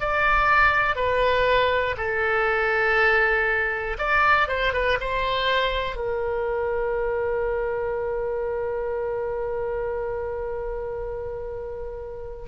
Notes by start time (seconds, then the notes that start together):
0.00 D5
0.95 B4
1.97 A4
3.98 D5
4.48 C5
4.73 B4
5.00 C5
5.96 A#4